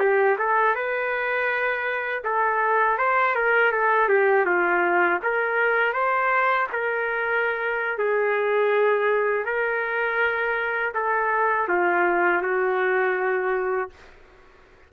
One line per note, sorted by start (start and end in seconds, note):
0.00 0.37 G4
0.38 0.75 A4
0.75 2.23 B4
2.24 2.98 A4
2.98 3.35 C5
3.35 3.72 A#4
3.72 4.09 A4
4.09 4.46 G4
4.46 5.20 F4
5.23 5.93 A#4
5.93 6.67 C5
6.72 7.98 A#4
7.98 9.45 G#4
9.45 10.94 A#4
10.95 11.69 A4
11.69 12.42 F4
12.42 13.90 F#4